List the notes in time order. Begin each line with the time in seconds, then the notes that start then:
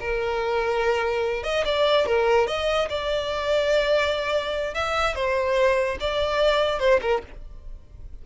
0.00 A#4
1.44 D#5
1.65 D5
2.06 A#4
2.47 D#5
2.89 D5
4.74 E5
5.15 C5
6.00 D5
6.79 C5
7.02 A#4